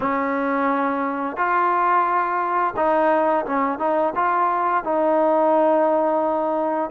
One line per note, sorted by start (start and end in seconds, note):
0.00 1.36 C#4
1.36 2.74 F4
2.76 3.45 D#4
3.45 3.79 C#4
3.79 4.13 D#4
4.15 4.84 F4
4.84 6.90 D#4